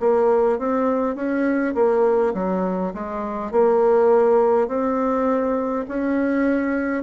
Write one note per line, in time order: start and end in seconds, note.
0.00 0.59 A#3
0.59 1.16 C4
1.16 1.74 C#4
1.75 2.34 A#3
2.34 2.93 F#3
2.94 3.52 G#3
3.52 4.68 A#3
4.68 5.86 C4
5.89 7.03 C#4